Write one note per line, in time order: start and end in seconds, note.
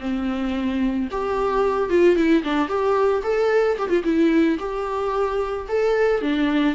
0.00 1.08 C4
1.11 1.89 G4
1.89 2.16 F4
2.16 2.43 E4
2.43 2.68 D4
2.68 3.22 G4
3.23 3.77 A4
3.78 3.89 G4
3.89 4.03 F4
4.04 4.58 E4
4.59 5.67 G4
5.68 6.22 A4
6.22 6.75 D4